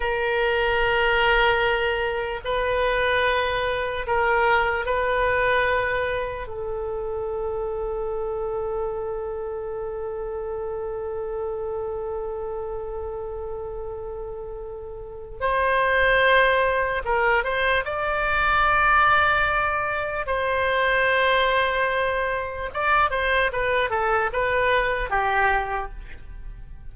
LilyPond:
\new Staff \with { instrumentName = "oboe" } { \time 4/4 \tempo 4 = 74 ais'2. b'4~ | b'4 ais'4 b'2 | a'1~ | a'1~ |
a'2. c''4~ | c''4 ais'8 c''8 d''2~ | d''4 c''2. | d''8 c''8 b'8 a'8 b'4 g'4 | }